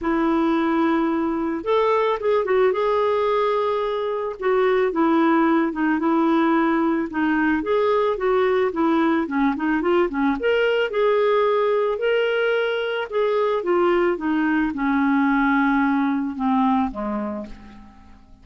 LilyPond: \new Staff \with { instrumentName = "clarinet" } { \time 4/4 \tempo 4 = 110 e'2. a'4 | gis'8 fis'8 gis'2. | fis'4 e'4. dis'8 e'4~ | e'4 dis'4 gis'4 fis'4 |
e'4 cis'8 dis'8 f'8 cis'8 ais'4 | gis'2 ais'2 | gis'4 f'4 dis'4 cis'4~ | cis'2 c'4 gis4 | }